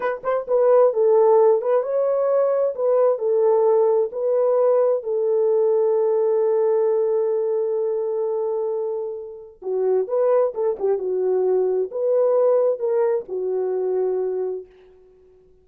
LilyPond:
\new Staff \with { instrumentName = "horn" } { \time 4/4 \tempo 4 = 131 b'8 c''8 b'4 a'4. b'8 | cis''2 b'4 a'4~ | a'4 b'2 a'4~ | a'1~ |
a'1~ | a'4 fis'4 b'4 a'8 g'8 | fis'2 b'2 | ais'4 fis'2. | }